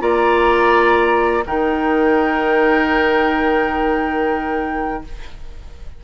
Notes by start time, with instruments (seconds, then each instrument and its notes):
0.00 bassoon A#3, clarinet F4, oboe D5, flute A#5
1.46 bassoon D#3, clarinet D#4, oboe A#4, flute G5